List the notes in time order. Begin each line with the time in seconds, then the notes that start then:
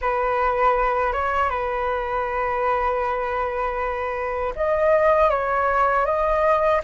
0.01 B4
1.13 C#5
1.49 B4
4.55 D#5
5.30 C#5
6.05 D#5